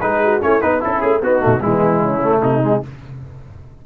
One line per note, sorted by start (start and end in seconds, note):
0.00 0.42 G#3
0.00 0.40 D#4
0.00 0.24 G#4
0.00 0.40 B4
0.24 0.43 F#4
0.40 0.62 A3
0.40 0.60 C#4
0.40 0.60 E4
0.40 0.61 C#5
0.60 0.83 B3
0.60 0.80 D#4
0.60 0.81 B4
0.80 1.21 C#4
0.80 1.03 C#4
0.80 1.20 E4
0.80 1.01 A4
1.01 1.21 A3
1.01 1.21 G#4
1.21 1.41 B3
1.21 1.39 B3
1.21 1.64 D#4
1.21 1.61 F#4
1.39 1.63 B2
1.39 1.59 A3
1.61 2.02 E3
1.61 2.21 G#3
1.61 2.00 B3
1.61 2.41 E4
2.00 2.42 C#3
2.00 2.40 C#4
2.23 2.62 A3
2.42 2.82 C3
2.42 2.82 D#4
2.42 2.85 D#4
2.62 2.82 G#3